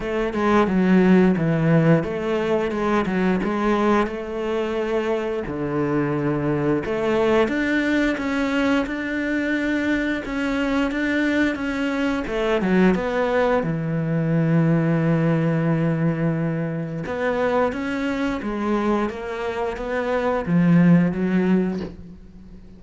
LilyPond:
\new Staff \with { instrumentName = "cello" } { \time 4/4 \tempo 4 = 88 a8 gis8 fis4 e4 a4 | gis8 fis8 gis4 a2 | d2 a4 d'4 | cis'4 d'2 cis'4 |
d'4 cis'4 a8 fis8 b4 | e1~ | e4 b4 cis'4 gis4 | ais4 b4 f4 fis4 | }